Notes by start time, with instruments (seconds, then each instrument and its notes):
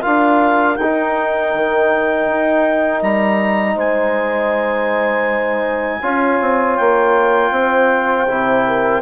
0.00 bassoon D4, trombone F4, horn A#4, clarinet F5
0.76 bassoon D#4, trombone D#4, clarinet G5
1.54 bassoon D#3
2.27 bassoon D#4
3.02 bassoon G3, clarinet A#5
3.75 bassoon G#3, horn C5, clarinet G#5
6.01 bassoon C#4, trombone F4, horn C#5
6.41 bassoon C4
6.77 bassoon A#3, clarinet G5
7.51 bassoon C4, horn C5
8.28 bassoon C3, trombone E4
8.67 horn A#4